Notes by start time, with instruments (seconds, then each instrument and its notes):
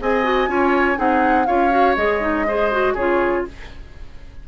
0.00 bassoon C4, clarinet G#4, oboe D#5, flute G#5
0.23 clarinet F#4
0.47 bassoon C#4, clarinet F4, oboe C#5
0.95 bassoon C4, clarinet D#4, oboe G#4, flute F#5
1.45 bassoon C#4, clarinet F4, oboe C#5, flute F5
1.70 clarinet F#4
1.96 bassoon G#3, clarinet G#4, flute D#5
2.20 clarinet D#4
2.47 clarinet G#4, oboe C5
2.71 clarinet F#4
2.94 bassoon C#3, clarinet F4, oboe G#4, flute C#5